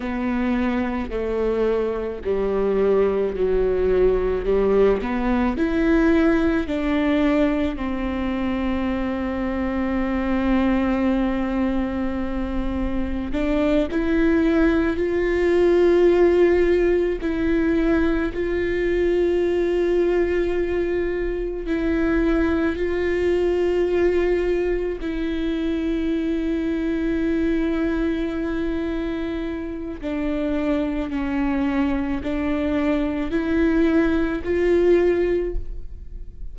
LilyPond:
\new Staff \with { instrumentName = "viola" } { \time 4/4 \tempo 4 = 54 b4 a4 g4 fis4 | g8 b8 e'4 d'4 c'4~ | c'1 | d'8 e'4 f'2 e'8~ |
e'8 f'2. e'8~ | e'8 f'2 e'4.~ | e'2. d'4 | cis'4 d'4 e'4 f'4 | }